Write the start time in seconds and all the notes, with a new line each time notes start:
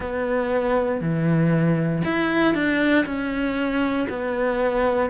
0.00 B3
1.00 E3
2.04 E4
2.54 D4
3.05 C#4
4.09 B3